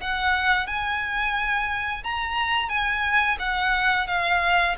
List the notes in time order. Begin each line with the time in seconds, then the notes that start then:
0.00 F#5
0.66 G#5
2.03 A#5
2.69 G#5
3.39 F#5
4.07 F5